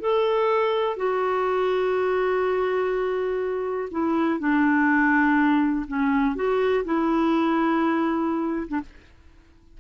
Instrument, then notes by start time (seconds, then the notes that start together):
clarinet
0.00 A4
0.96 F#4
3.91 E4
4.39 D4
5.87 C#4
6.35 F#4
6.84 E4
8.68 D4